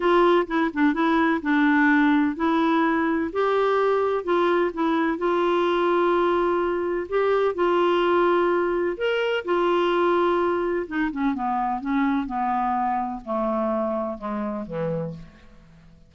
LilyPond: \new Staff \with { instrumentName = "clarinet" } { \time 4/4 \tempo 4 = 127 f'4 e'8 d'8 e'4 d'4~ | d'4 e'2 g'4~ | g'4 f'4 e'4 f'4~ | f'2. g'4 |
f'2. ais'4 | f'2. dis'8 cis'8 | b4 cis'4 b2 | a2 gis4 e4 | }